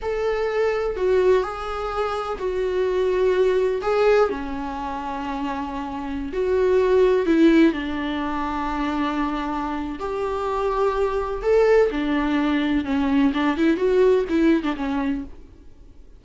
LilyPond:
\new Staff \with { instrumentName = "viola" } { \time 4/4 \tempo 4 = 126 a'2 fis'4 gis'4~ | gis'4 fis'2. | gis'4 cis'2.~ | cis'4~ cis'16 fis'2 e'8.~ |
e'16 d'2.~ d'8.~ | d'4 g'2. | a'4 d'2 cis'4 | d'8 e'8 fis'4 e'8. d'16 cis'4 | }